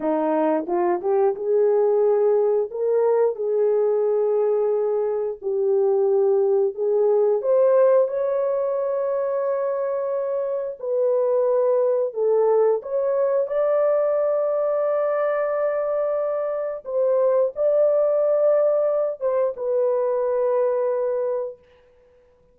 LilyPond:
\new Staff \with { instrumentName = "horn" } { \time 4/4 \tempo 4 = 89 dis'4 f'8 g'8 gis'2 | ais'4 gis'2. | g'2 gis'4 c''4 | cis''1 |
b'2 a'4 cis''4 | d''1~ | d''4 c''4 d''2~ | d''8 c''8 b'2. | }